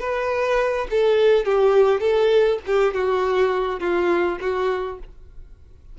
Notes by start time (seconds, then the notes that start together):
0.00 B4
0.90 A4
1.45 G4
2.00 A4
2.66 G4
2.94 F#4
3.80 F4
4.41 F#4